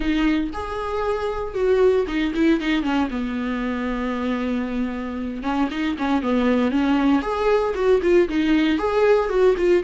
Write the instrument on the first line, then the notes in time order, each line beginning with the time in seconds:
viola
0.00 D#4
0.53 G#4
1.54 F#4
2.07 D#4
2.35 E4
2.60 D#4
2.83 C#4
3.10 B3
5.42 C#4
5.70 D#4
5.98 C#4
6.22 B3
6.71 C#4
7.22 G#4
7.74 F#4
8.02 F4
8.28 D#4
8.78 G#4
9.29 F#4
9.57 F4